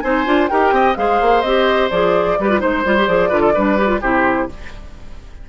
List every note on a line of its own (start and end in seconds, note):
0.00 0.26 C4
0.00 0.26 D#4
0.00 0.50 C5
0.00 0.47 G#5
0.26 0.50 D4
0.26 0.49 F4
0.48 0.71 D#4
0.48 0.96 G4
0.48 0.74 A#4
0.48 0.95 G5
0.71 0.95 C4
0.71 0.97 D#5
0.96 1.21 G#3
0.96 1.43 G#4
0.96 2.38 C5
0.96 1.42 F5
1.21 1.43 A#3
1.42 1.90 C4
1.42 1.91 G4
1.42 1.89 D#5
1.90 2.38 F3
1.90 2.38 G#4
1.90 2.60 D5
2.39 2.62 G3
2.39 2.50 G4
2.39 2.60 B4
2.50 2.59 F4
2.59 2.85 G#3
2.59 2.83 D#4
2.59 3.29 C5
2.59 3.07 C5
2.85 3.08 G3
2.85 2.97 F4
2.97 3.08 G4
3.07 3.31 F3
3.07 3.29 G#4
3.07 4.01 D5
3.29 3.55 D3
3.29 3.53 F4
3.29 3.40 B4
3.40 3.52 A4
3.54 4.01 G3
3.54 3.77 D4
3.54 4.01 B4
3.77 3.87 G4
3.87 3.99 F4
4.01 4.48 C3
4.01 4.49 E4
4.01 4.48 G4
4.01 4.49 C5